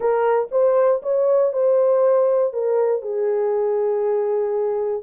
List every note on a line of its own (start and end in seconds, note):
0.00 0.48 A#4
0.51 1.01 C5
1.02 1.52 C#5
1.52 2.53 C5
2.53 3.02 A#4
3.02 5.02 G#4